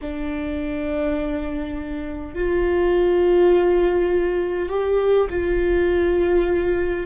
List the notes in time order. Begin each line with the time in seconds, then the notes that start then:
0.01 D4
2.34 F4
4.69 G4
5.29 F4